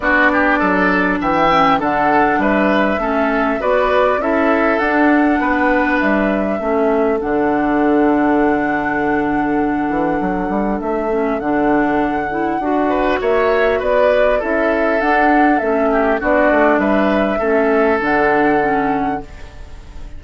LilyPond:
<<
  \new Staff \with { instrumentName = "flute" } { \time 4/4 \tempo 4 = 100 d''2 g''4 fis''4 | e''2 d''4 e''4 | fis''2 e''2 | fis''1~ |
fis''2 e''4 fis''4~ | fis''2 e''4 d''4 | e''4 fis''4 e''4 d''4 | e''2 fis''2 | }
  \new Staff \with { instrumentName = "oboe" } { \time 4/4 fis'8 g'8 a'4 e''4 a'4 | b'4 a'4 b'4 a'4~ | a'4 b'2 a'4~ | a'1~ |
a'1~ | a'4. b'8 cis''4 b'4 | a'2~ a'8 g'8 fis'4 | b'4 a'2. | }
  \new Staff \with { instrumentName = "clarinet" } { \time 4/4 d'2~ d'8 cis'8 d'4~ | d'4 cis'4 fis'4 e'4 | d'2. cis'4 | d'1~ |
d'2~ d'8 cis'8 d'4~ | d'8 e'8 fis'2. | e'4 d'4 cis'4 d'4~ | d'4 cis'4 d'4 cis'4 | }
  \new Staff \with { instrumentName = "bassoon" } { \time 4/4 b4 fis4 e4 d4 | g4 a4 b4 cis'4 | d'4 b4 g4 a4 | d1~ |
d8 e8 fis8 g8 a4 d4~ | d4 d'4 ais4 b4 | cis'4 d'4 a4 b8 a8 | g4 a4 d2 | }
>>